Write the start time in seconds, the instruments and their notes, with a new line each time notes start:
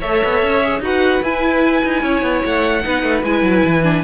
0.00 cello A3, viola A4, violin C#5 E5
0.24 cello B3
0.43 cello C#4
0.64 viola G#4
0.80 cello D#4, viola F#4, violin B4 F#5
1.23 cello E4, viola E4, violin G#5
1.84 cello D#4
2.03 cello C#4, violin C#5
2.22 cello B3
2.45 cello A3, violin F#5
2.83 cello B3, viola D#4, violin B4
3.03 cello A3
3.24 cello G#3, viola E4, violin G#5
3.43 cello F#3
3.65 cello E3
3.84 viola D4